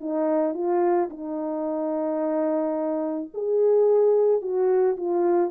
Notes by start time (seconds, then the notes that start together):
0.00 D#4
0.54 F4
1.10 D#4
3.34 G#4
4.41 F#4
4.97 F4